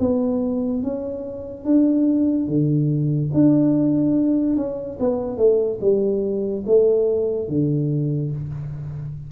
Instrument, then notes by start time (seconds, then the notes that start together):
tuba
0.00 B3
0.83 C#4
1.65 D4
2.48 D3
3.34 D4
4.57 C#4
5.00 B3
5.37 A3
5.81 G3
6.67 A3
7.48 D3